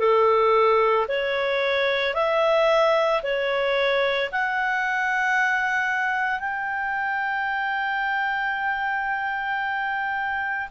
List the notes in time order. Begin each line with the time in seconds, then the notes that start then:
0.00 A4
1.09 C#5
2.14 E5
3.23 C#5
4.32 F#5
6.40 G5